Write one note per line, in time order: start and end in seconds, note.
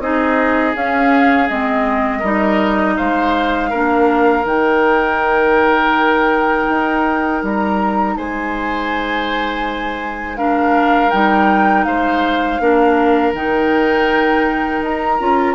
0.00 0.74 C4
0.00 0.74 D#4
0.00 2.19 G#4
0.00 0.75 D#5
0.74 1.48 C#4
0.74 1.49 C#4
0.74 1.49 F5
1.49 2.23 G#3
1.49 2.23 C4
1.49 2.97 D#5
2.19 2.97 G3
2.19 3.72 D#4
2.19 2.93 A#4
2.97 3.72 G#3
2.97 3.70 C5
2.97 4.45 F5
3.70 4.45 A#3
3.70 4.43 D4
3.70 8.14 A#4
4.43 6.67 D#3
4.43 10.36 D#4
4.43 7.43 G5
6.69 7.43 D#4
7.43 8.16 G3
7.43 8.17 A#5
8.16 11.12 G#3
8.16 10.37 C5
8.16 10.37 G#5
10.37 11.11 D4
10.37 11.86 A#4
10.37 11.10 F5
11.10 11.86 G3
11.10 12.60 D#4
11.10 11.84 G5
11.84 12.59 G#3
11.84 12.61 C5
11.84 13.32 F5
12.59 13.33 A#3
12.59 13.34 D4
12.59 15.54 A#4
13.33 14.81 D#3
13.33 15.19 D#4
13.33 14.83 G5
14.81 15.18 D#4
14.81 15.54 A#5
15.19 15.54 C#4
15.19 15.54 F4